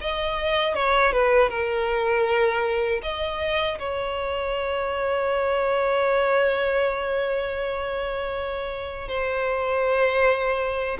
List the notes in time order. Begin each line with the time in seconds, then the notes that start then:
0.00 D#5
0.74 C#5
1.12 B4
1.49 A#4
3.02 D#5
3.79 C#5
9.08 C5